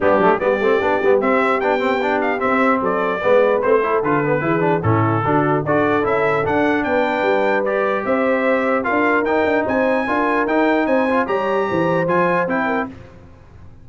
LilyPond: <<
  \new Staff \with { instrumentName = "trumpet" } { \time 4/4 \tempo 4 = 149 g'4 d''2 e''4 | g''4. f''8 e''4 d''4~ | d''4 c''4 b'2 | a'2 d''4 e''4 |
fis''4 g''2 d''4 | e''2 f''4 g''4 | gis''2 g''4 gis''4 | ais''2 gis''4 g''4 | }
  \new Staff \with { instrumentName = "horn" } { \time 4/4 d'4 g'2.~ | g'2. a'4 | b'4. a'4. gis'4 | e'4 fis'4 a'2~ |
a'4 b'2. | c''2 ais'2 | c''4 ais'2 c''4 | cis''4 c''2~ c''8 ais'8 | }
  \new Staff \with { instrumentName = "trombone" } { \time 4/4 b8 a8 b8 c'8 d'8 b8 c'4 | d'8 c'8 d'4 c'2 | b4 c'8 e'8 f'8 b8 e'8 d'8 | cis'4 d'4 fis'4 e'4 |
d'2. g'4~ | g'2 f'4 dis'4~ | dis'4 f'4 dis'4. f'8 | g'2 f'4 e'4 | }
  \new Staff \with { instrumentName = "tuba" } { \time 4/4 g8 fis8 g8 a8 b8 g8 c'4 | b2 c'4 fis4 | gis4 a4 d4 e4 | a,4 d4 d'4 cis'4 |
d'4 b4 g2 | c'2 d'4 dis'8 d'8 | c'4 d'4 dis'4 c'4 | g4 e4 f4 c'4 | }
>>